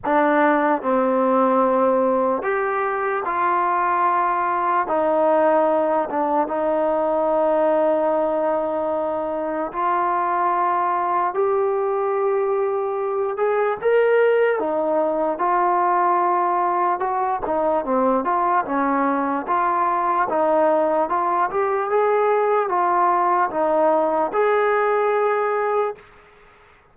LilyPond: \new Staff \with { instrumentName = "trombone" } { \time 4/4 \tempo 4 = 74 d'4 c'2 g'4 | f'2 dis'4. d'8 | dis'1 | f'2 g'2~ |
g'8 gis'8 ais'4 dis'4 f'4~ | f'4 fis'8 dis'8 c'8 f'8 cis'4 | f'4 dis'4 f'8 g'8 gis'4 | f'4 dis'4 gis'2 | }